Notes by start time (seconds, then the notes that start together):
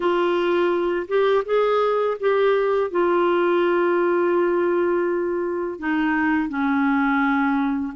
0.00 F4
1.07 G4
1.45 G#4
2.19 G4
2.90 F4
5.79 D#4
6.48 C#4